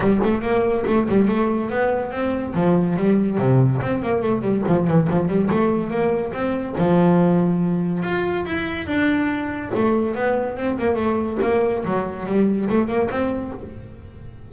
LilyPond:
\new Staff \with { instrumentName = "double bass" } { \time 4/4 \tempo 4 = 142 g8 a8 ais4 a8 g8 a4 | b4 c'4 f4 g4 | c4 c'8 ais8 a8 g8 f8 e8 | f8 g8 a4 ais4 c'4 |
f2. f'4 | e'4 d'2 a4 | b4 c'8 ais8 a4 ais4 | fis4 g4 a8 ais8 c'4 | }